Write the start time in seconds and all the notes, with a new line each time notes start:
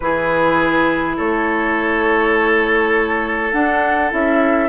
0.00 E3 E4 G#4 B4
1.17 A3 A4 C#5
3.51 D4 F#5
4.11 C#4 E4 E5